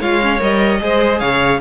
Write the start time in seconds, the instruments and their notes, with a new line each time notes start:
0.00 cello G#3, viola F4, violin C#5 F5
0.21 viola C#4
0.39 cello G3, viola A#4, violin D#5
0.79 cello G#3, viola G#4, violin C5
1.19 cello C#3, violin C#5 F5